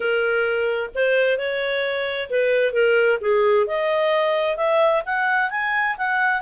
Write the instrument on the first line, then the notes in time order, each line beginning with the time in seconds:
clarinet
0.00 A#4
0.94 C5
1.37 C#5
2.30 B4
2.73 A#4
3.20 G#4
3.66 D#5
4.57 E5
5.05 F#5
5.50 G#5
5.97 F#5